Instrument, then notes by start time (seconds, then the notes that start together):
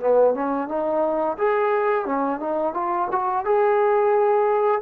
trombone
0.00 B3
0.34 C#4
0.68 D#4
1.38 G#4
2.05 C#4
2.39 D#4
2.74 F4
3.11 F#4
3.45 G#4